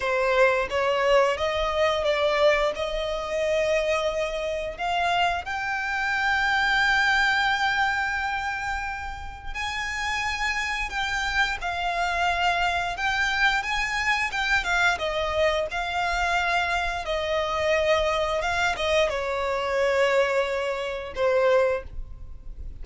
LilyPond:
\new Staff \with { instrumentName = "violin" } { \time 4/4 \tempo 4 = 88 c''4 cis''4 dis''4 d''4 | dis''2. f''4 | g''1~ | g''2 gis''2 |
g''4 f''2 g''4 | gis''4 g''8 f''8 dis''4 f''4~ | f''4 dis''2 f''8 dis''8 | cis''2. c''4 | }